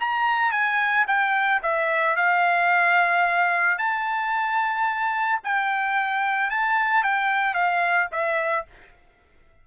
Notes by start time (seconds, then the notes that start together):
0.00 A#5
0.51 G#5
1.07 G5
1.62 E5
2.16 F5
3.78 A5
5.43 G5
6.50 A5
7.03 G5
7.54 F5
8.12 E5